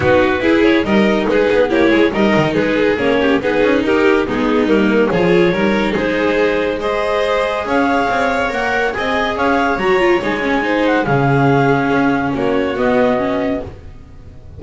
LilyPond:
<<
  \new Staff \with { instrumentName = "clarinet" } { \time 4/4 \tempo 4 = 141 b'4. cis''8 dis''4 b'4 | cis''4 dis''4 b'4 cis''4 | b'4 ais'4 gis'4 ais'4 | cis''2 c''2 |
dis''2 f''2 | fis''4 gis''4 f''4 ais''4 | gis''4. fis''8 f''2~ | f''4 cis''4 dis''2 | }
  \new Staff \with { instrumentName = "violin" } { \time 4/4 fis'4 gis'4 ais'4 gis'4 | g'8 gis'8 ais'4 gis'4. g'8 | gis'4 g'4 dis'2 | gis'4 ais'4 gis'2 |
c''2 cis''2~ | cis''4 dis''4 cis''2~ | cis''4 c''4 gis'2~ | gis'4 fis'2. | }
  \new Staff \with { instrumentName = "viola" } { \time 4/4 dis'4 e'4 dis'2 | e'4 dis'2 cis'4 | dis'2 b4 ais4 | f'4 dis'2. |
gis'1 | ais'4 gis'2 fis'8 f'8 | dis'8 cis'8 dis'4 cis'2~ | cis'2 b4 cis'4 | }
  \new Staff \with { instrumentName = "double bass" } { \time 4/4 b4 e'4 g4 gis8 b8 | ais8 gis8 g8 dis8 gis4 ais4 | b8 cis'8 dis'4 gis4 g4 | f4 g4 gis2~ |
gis2 cis'4 c'4 | ais4 c'4 cis'4 fis4 | gis2 cis2 | cis'4 ais4 b2 | }
>>